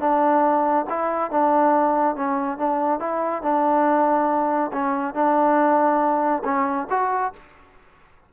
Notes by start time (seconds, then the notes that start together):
0.00 D4
0.90 E4
1.31 D4
2.16 C#4
2.58 D4
3.00 E4
3.43 D4
4.73 C#4
5.14 D4
6.45 C#4
6.90 F#4